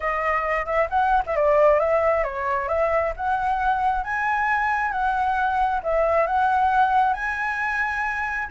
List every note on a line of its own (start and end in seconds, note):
0.00 0.65 D#5
0.65 0.87 E5
0.89 1.23 F#5
1.26 1.36 E5
1.36 1.79 D5
1.79 2.23 E5
2.23 2.68 C#5
2.68 3.13 E5
3.16 4.04 F#5
4.04 4.91 G#5
4.91 5.81 F#5
5.83 6.27 E5
6.27 7.13 F#5
7.13 8.47 G#5